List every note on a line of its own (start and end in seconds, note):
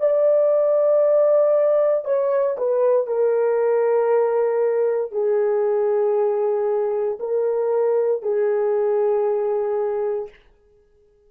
0.00 2.05 D5
2.05 2.57 C#5
2.58 3.07 B4
3.07 5.12 A#4
5.12 7.19 G#4
7.20 8.23 A#4
8.23 10.30 G#4